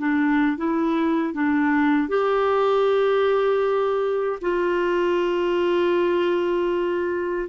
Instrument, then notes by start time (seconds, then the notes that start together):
clarinet
0.00 D4
0.58 E4
1.34 D4
2.09 G4
4.42 F4